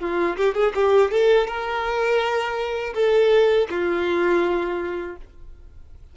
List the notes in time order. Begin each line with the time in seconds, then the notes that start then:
0.00 F4
0.37 G4
0.55 G#4
0.75 G4
1.11 A4
1.47 A#4
2.94 A4
3.70 F4